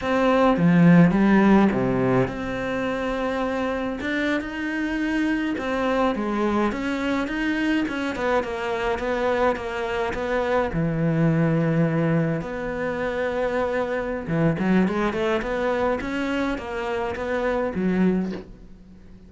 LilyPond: \new Staff \with { instrumentName = "cello" } { \time 4/4 \tempo 4 = 105 c'4 f4 g4 c4 | c'2. d'8. dis'16~ | dis'4.~ dis'16 c'4 gis4 cis'16~ | cis'8. dis'4 cis'8 b8 ais4 b16~ |
b8. ais4 b4 e4~ e16~ | e4.~ e16 b2~ b16~ | b4 e8 fis8 gis8 a8 b4 | cis'4 ais4 b4 fis4 | }